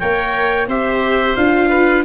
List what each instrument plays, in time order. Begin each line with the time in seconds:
0.00 tuba A#3, viola A#4, oboe C#5, trumpet G5
0.67 tuba C4, viola G4, oboe C5, trumpet E5
1.36 tuba D4, viola F4, trumpet F5
1.69 oboe B4